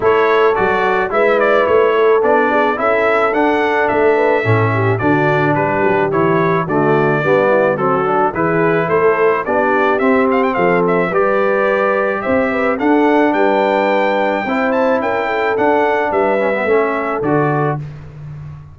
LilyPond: <<
  \new Staff \with { instrumentName = "trumpet" } { \time 4/4 \tempo 4 = 108 cis''4 d''4 e''8 d''8 cis''4 | d''4 e''4 fis''4 e''4~ | e''4 d''4 b'4 cis''4 | d''2 a'4 b'4 |
c''4 d''4 e''8 f''16 g''16 f''8 e''8 | d''2 e''4 fis''4 | g''2~ g''8 a''8 g''4 | fis''4 e''2 d''4 | }
  \new Staff \with { instrumentName = "horn" } { \time 4/4 a'2 b'4. a'8~ | a'8 gis'8 a'2~ a'8 b'8 | a'8 g'8 fis'4 g'2 | fis'4 d'8 e'8 fis'4 gis'4 |
a'4 g'2 a'4 | b'2 c''8 b'8 a'4 | b'2 c''4 ais'8 a'8~ | a'4 b'4 a'2 | }
  \new Staff \with { instrumentName = "trombone" } { \time 4/4 e'4 fis'4 e'2 | d'4 e'4 d'2 | cis'4 d'2 e'4 | a4 b4 c'8 d'8 e'4~ |
e'4 d'4 c'2 | g'2. d'4~ | d'2 e'2 | d'4. cis'16 b16 cis'4 fis'4 | }
  \new Staff \with { instrumentName = "tuba" } { \time 4/4 a4 fis4 gis4 a4 | b4 cis'4 d'4 a4 | a,4 d4 g8 fis8 e4 | d4 g4 fis4 e4 |
a4 b4 c'4 f4 | g2 c'4 d'4 | g2 c'4 cis'4 | d'4 g4 a4 d4 | }
>>